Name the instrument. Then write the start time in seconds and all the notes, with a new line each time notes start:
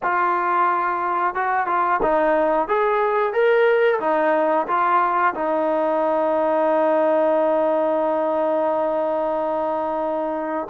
trombone
0.02 F4
1.34 F#4
1.67 F4
2.02 D#4
2.68 G#4
3.33 A#4
4.00 D#4
4.67 F4
5.34 D#4